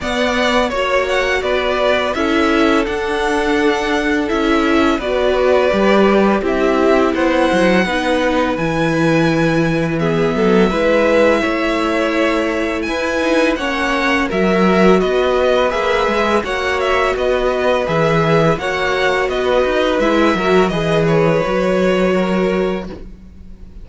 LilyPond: <<
  \new Staff \with { instrumentName = "violin" } { \time 4/4 \tempo 4 = 84 fis''4 cis''8 fis''8 d''4 e''4 | fis''2 e''4 d''4~ | d''4 e''4 fis''2 | gis''2 e''2~ |
e''2 gis''4 fis''4 | e''4 dis''4 e''4 fis''8 e''8 | dis''4 e''4 fis''4 dis''4 | e''4 dis''8 cis''2~ cis''8 | }
  \new Staff \with { instrumentName = "violin" } { \time 4/4 d''4 cis''4 b'4 a'4~ | a'2. b'4~ | b'4 g'4 c''4 b'4~ | b'2 gis'8 a'8 b'4 |
cis''2 b'4 cis''4 | ais'4 b'2 cis''4 | b'2 cis''4 b'4~ | b'8 ais'8 b'2 ais'4 | }
  \new Staff \with { instrumentName = "viola" } { \time 4/4 b4 fis'2 e'4 | d'2 e'4 fis'4 | g'4 e'2 dis'4 | e'2 b4 e'4~ |
e'2~ e'8 dis'8 cis'4 | fis'2 gis'4 fis'4~ | fis'4 gis'4 fis'2 | e'8 fis'8 gis'4 fis'2 | }
  \new Staff \with { instrumentName = "cello" } { \time 4/4 b4 ais4 b4 cis'4 | d'2 cis'4 b4 | g4 c'4 b8 fis8 b4 | e2~ e8 fis8 gis4 |
a2 e'4 ais4 | fis4 b4 ais8 gis8 ais4 | b4 e4 ais4 b8 dis'8 | gis8 fis8 e4 fis2 | }
>>